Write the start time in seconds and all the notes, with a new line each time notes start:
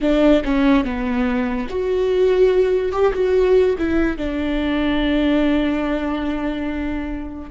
0.00 D4
0.44 C#4
0.84 B3
1.69 F#4
2.92 G4
3.13 F#4
3.78 E4
4.17 D4